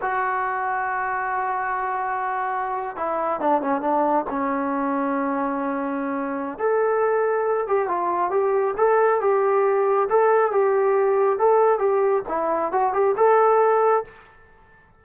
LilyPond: \new Staff \with { instrumentName = "trombone" } { \time 4/4 \tempo 4 = 137 fis'1~ | fis'2~ fis'8. e'4 d'16~ | d'16 cis'8 d'4 cis'2~ cis'16~ | cis'2. a'4~ |
a'4. g'8 f'4 g'4 | a'4 g'2 a'4 | g'2 a'4 g'4 | e'4 fis'8 g'8 a'2 | }